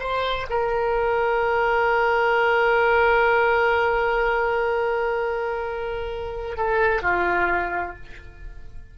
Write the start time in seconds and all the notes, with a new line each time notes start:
0.00 C5
0.50 A#4
6.58 A4
7.03 F4